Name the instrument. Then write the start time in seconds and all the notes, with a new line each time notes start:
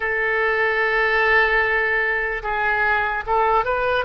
oboe
0.00 A4
2.43 G#4
3.26 A4
3.64 B4